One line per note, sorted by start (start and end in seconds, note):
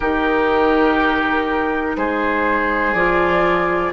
0.00 1.96 D#3
0.00 2.96 D#4
0.00 1.96 G4
0.00 1.96 A#4
1.96 2.94 G#3
1.96 3.93 G#4
1.96 2.93 C5
2.93 3.92 F3
2.93 3.93 F4
2.93 3.92 D5